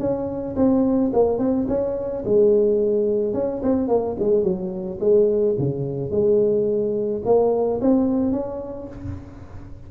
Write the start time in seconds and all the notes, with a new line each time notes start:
0.00 C#4
0.56 C4
1.13 A#3
1.39 C4
1.68 C#4
2.25 G#3
3.34 C#4
3.63 C4
3.88 A#3
4.20 G#3
4.43 F#3
5.00 G#3
5.59 C#3
6.11 G#3
7.25 A#3
7.81 C4
8.32 C#4